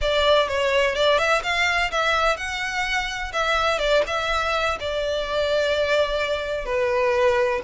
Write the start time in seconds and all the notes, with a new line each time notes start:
0.01 D5
0.48 C#5
0.95 D5
1.18 E5
1.43 F5
1.91 E5
2.36 F#5
3.32 E5
3.79 D5
4.06 E5
4.80 D5
6.65 B4